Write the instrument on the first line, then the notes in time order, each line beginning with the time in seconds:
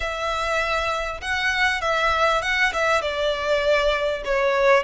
violin
0.00 E5
1.21 F#5
1.81 E5
2.42 F#5
2.73 E5
3.01 D5
4.25 C#5